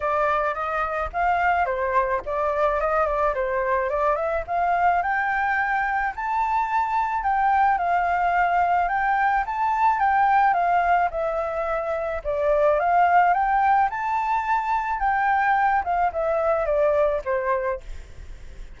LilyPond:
\new Staff \with { instrumentName = "flute" } { \time 4/4 \tempo 4 = 108 d''4 dis''4 f''4 c''4 | d''4 dis''8 d''8 c''4 d''8 e''8 | f''4 g''2 a''4~ | a''4 g''4 f''2 |
g''4 a''4 g''4 f''4 | e''2 d''4 f''4 | g''4 a''2 g''4~ | g''8 f''8 e''4 d''4 c''4 | }